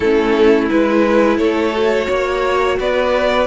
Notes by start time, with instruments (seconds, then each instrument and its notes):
0.00 cello A3, viola C#4, violin E4 A4
0.69 cello G#3, viola E4, violin B4
1.37 cello A3, violin A4 C#5
1.73 viola F#4
2.09 cello A#3, violin C#5
2.79 cello B3, violin B4 D5